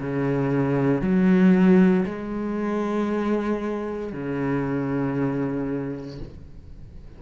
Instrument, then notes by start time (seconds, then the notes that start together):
cello
0.00 C#3
1.01 F#3
2.05 G#3
4.13 C#3